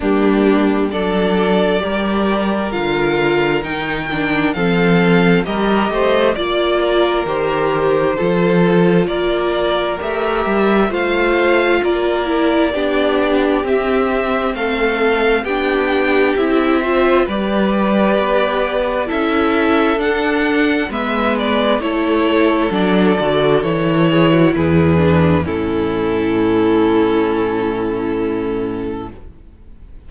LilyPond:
<<
  \new Staff \with { instrumentName = "violin" } { \time 4/4 \tempo 4 = 66 g'4 d''2 f''4 | g''4 f''4 dis''4 d''4 | c''2 d''4 e''4 | f''4 d''2 e''4 |
f''4 g''4 e''4 d''4~ | d''4 e''4 fis''4 e''8 d''8 | cis''4 d''4 cis''4 b'4 | a'1 | }
  \new Staff \with { instrumentName = "violin" } { \time 4/4 d'4 a'4 ais'2~ | ais'4 a'4 ais'8 c''8 d''8 ais'8~ | ais'4 a'4 ais'2 | c''4 ais'4 g'2 |
a'4 g'4. c''8 b'4~ | b'4 a'2 b'4 | a'2~ a'8 gis'16 fis'16 gis'4 | e'1 | }
  \new Staff \with { instrumentName = "viola" } { \time 4/4 ais4 d'4 g'4 f'4 | dis'8 d'8 c'4 g'4 f'4 | g'4 f'2 g'4 | f'4. e'8 d'4 c'4~ |
c'4 d'4 e'8 f'8 g'4~ | g'4 e'4 d'4 b4 | e'4 d'8 fis'8 e'4. d'8 | cis'1 | }
  \new Staff \with { instrumentName = "cello" } { \time 4/4 g4 fis4 g4 d4 | dis4 f4 g8 a8 ais4 | dis4 f4 ais4 a8 g8 | a4 ais4 b4 c'4 |
a4 b4 c'4 g4 | b4 cis'4 d'4 gis4 | a4 fis8 d8 e4 e,4 | a,1 | }
>>